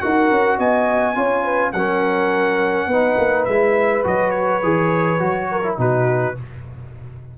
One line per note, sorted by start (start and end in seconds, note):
0.00 0.31 D#4
0.00 1.15 F#4
0.00 0.58 A#4
0.00 0.58 F#5
0.31 0.59 C#4
0.58 1.16 B3
0.58 1.16 D#5
0.58 1.72 G#5
1.15 1.73 C#4
1.15 1.73 F4
1.15 1.44 C#5
1.44 1.73 B4
1.72 2.87 F#3
1.72 2.92 C#4
1.72 2.89 A#4
1.72 3.45 F#5
2.87 3.16 B3
2.87 3.49 D#4
2.87 5.49 B4
3.17 3.46 A#3
3.45 4.05 G#3
3.45 4.04 E4
3.45 4.03 E5
4.04 4.63 F#3
4.04 4.61 F#4
4.04 4.30 D#5
4.30 5.75 C#5
4.63 5.20 E3
4.63 5.19 G#4
5.19 5.78 F#3
5.19 5.62 F#4
5.51 5.79 A#4
5.63 5.77 E4
5.77 6.35 B2
5.77 6.35 D#4
5.77 6.37 F#4
5.77 6.38 B4